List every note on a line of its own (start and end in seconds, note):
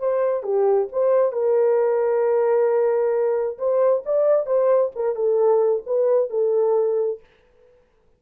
0.00 0.43 C5
0.43 0.88 G4
0.93 1.33 C5
1.33 3.58 A#4
3.58 4.04 C5
4.06 4.47 D5
4.47 4.92 C5
4.96 5.16 A#4
5.16 5.84 A4
5.86 6.30 B4
6.30 7.21 A4